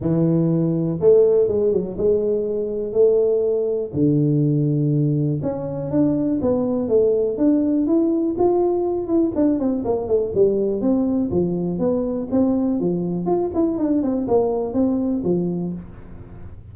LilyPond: \new Staff \with { instrumentName = "tuba" } { \time 4/4 \tempo 4 = 122 e2 a4 gis8 fis8 | gis2 a2 | d2. cis'4 | d'4 b4 a4 d'4 |
e'4 f'4. e'8 d'8 c'8 | ais8 a8 g4 c'4 f4 | b4 c'4 f4 f'8 e'8 | d'8 c'8 ais4 c'4 f4 | }